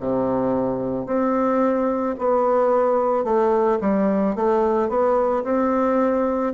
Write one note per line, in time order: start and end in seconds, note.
0.00 1.07 C3
1.07 2.16 C4
2.19 3.24 B3
3.24 3.79 A3
3.81 4.35 G3
4.36 4.89 A3
4.89 5.44 B3
5.44 6.54 C4